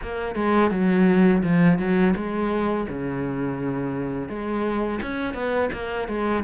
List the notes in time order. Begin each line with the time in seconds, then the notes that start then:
0.02 A#3
0.35 G#3
0.70 F#3
1.43 F3
1.79 F#3
2.16 G#3
2.88 C#3
4.28 G#3
5.02 C#4
5.33 B3
5.72 A#3
6.07 G#3